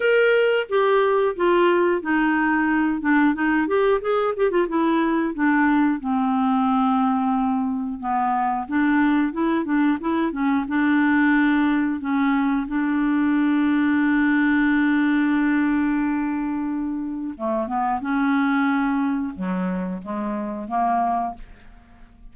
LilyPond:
\new Staff \with { instrumentName = "clarinet" } { \time 4/4 \tempo 4 = 90 ais'4 g'4 f'4 dis'4~ | dis'8 d'8 dis'8 g'8 gis'8 g'16 f'16 e'4 | d'4 c'2. | b4 d'4 e'8 d'8 e'8 cis'8 |
d'2 cis'4 d'4~ | d'1~ | d'2 a8 b8 cis'4~ | cis'4 fis4 gis4 ais4 | }